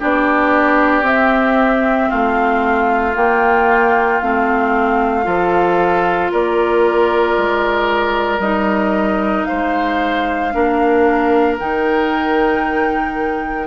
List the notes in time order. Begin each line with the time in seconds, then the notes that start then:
0.00 B3 D4 G4 D5
1.03 C4 E5
2.10 A3 F4 F5
3.15 A#3 G5
4.22 A3 C4 F5
5.24 F3 F4 A4
6.32 A#3 A#4 D5
7.37 G#3
8.39 G3 D#4 D#5
9.45 C5 F5
9.52 G#3
10.53 A#3 D4 A#4
11.59 D#3 D#4 G5